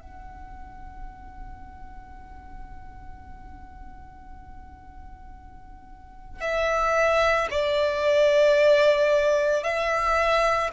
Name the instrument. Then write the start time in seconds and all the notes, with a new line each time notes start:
violin
0.00 F#5
6.40 E5
7.50 D5
9.63 E5